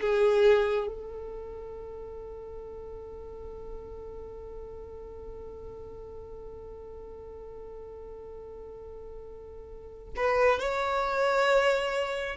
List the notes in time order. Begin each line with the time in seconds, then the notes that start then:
0.00 G#4
0.87 A4
10.16 B4
10.59 C#5